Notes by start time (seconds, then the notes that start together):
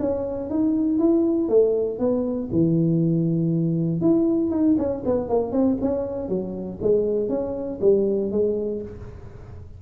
0.00 C#4
0.50 D#4
0.99 E4
1.49 A3
1.99 B3
2.52 E3
4.01 E4
4.51 D#4
4.79 C#4
5.06 B3
5.30 A#3
5.52 C4
5.82 C#4
6.29 F#3
6.82 G#3
7.29 C#4
7.82 G3
8.32 G#3